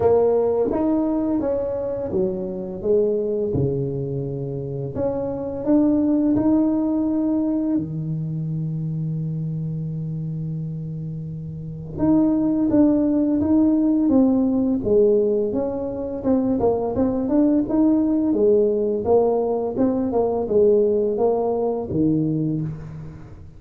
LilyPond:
\new Staff \with { instrumentName = "tuba" } { \time 4/4 \tempo 4 = 85 ais4 dis'4 cis'4 fis4 | gis4 cis2 cis'4 | d'4 dis'2 dis4~ | dis1~ |
dis4 dis'4 d'4 dis'4 | c'4 gis4 cis'4 c'8 ais8 | c'8 d'8 dis'4 gis4 ais4 | c'8 ais8 gis4 ais4 dis4 | }